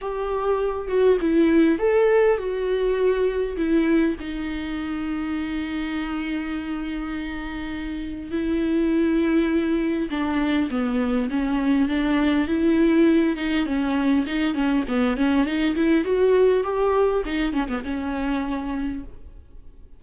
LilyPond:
\new Staff \with { instrumentName = "viola" } { \time 4/4 \tempo 4 = 101 g'4. fis'8 e'4 a'4 | fis'2 e'4 dis'4~ | dis'1~ | dis'2 e'2~ |
e'4 d'4 b4 cis'4 | d'4 e'4. dis'8 cis'4 | dis'8 cis'8 b8 cis'8 dis'8 e'8 fis'4 | g'4 dis'8 cis'16 b16 cis'2 | }